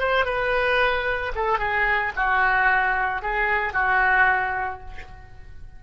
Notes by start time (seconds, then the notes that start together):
0.00 C5
0.26 B4
1.36 A4
1.59 G#4
2.16 F#4
3.22 G#4
3.74 F#4